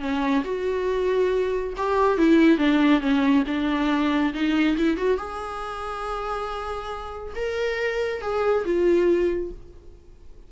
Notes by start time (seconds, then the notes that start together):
0.00 C#4
0.44 F#4
1.77 G4
2.18 E4
2.58 D4
3.00 C#4
3.47 D4
4.34 D#4
4.78 E4
4.97 F#4
5.17 G#4
7.36 A#4
8.21 G#4
8.65 F4